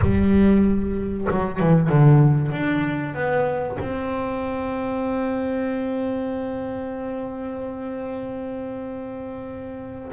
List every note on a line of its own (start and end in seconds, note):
0.01 1.27 G3
1.30 1.59 F#3
1.59 1.89 E3
1.89 2.51 D3
2.51 3.14 D4
3.14 3.77 B3
3.80 10.11 C4